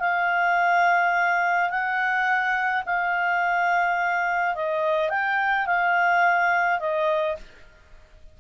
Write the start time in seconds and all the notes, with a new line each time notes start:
0.00 F5
1.70 F#5
2.86 F5
4.55 D#5
5.10 G5
5.66 F5
6.80 D#5